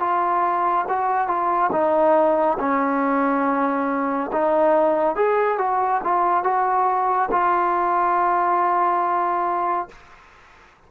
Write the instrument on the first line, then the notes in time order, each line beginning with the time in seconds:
trombone
0.00 F4
0.89 F#4
1.28 F4
1.73 D#4
2.60 C#4
4.33 D#4
5.16 G#4
5.59 F#4
6.04 F4
6.44 F#4
7.32 F4